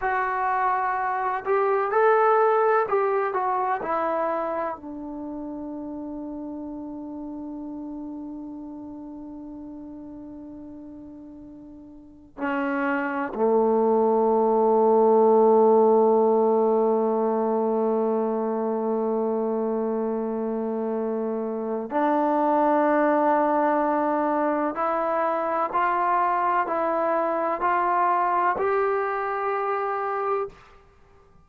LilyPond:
\new Staff \with { instrumentName = "trombone" } { \time 4/4 \tempo 4 = 63 fis'4. g'8 a'4 g'8 fis'8 | e'4 d'2.~ | d'1~ | d'4 cis'4 a2~ |
a1~ | a2. d'4~ | d'2 e'4 f'4 | e'4 f'4 g'2 | }